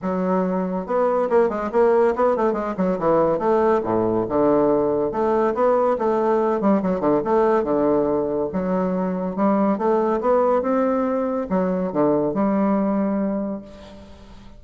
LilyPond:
\new Staff \with { instrumentName = "bassoon" } { \time 4/4 \tempo 4 = 141 fis2 b4 ais8 gis8 | ais4 b8 a8 gis8 fis8 e4 | a4 a,4 d2 | a4 b4 a4. g8 |
fis8 d8 a4 d2 | fis2 g4 a4 | b4 c'2 fis4 | d4 g2. | }